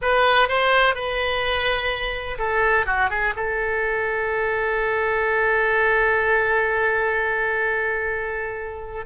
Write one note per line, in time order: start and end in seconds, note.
0.01 0.48 B4
0.48 0.95 C5
0.95 2.37 B4
2.38 2.86 A4
2.86 3.10 F#4
3.10 3.34 G#4
3.36 9.05 A4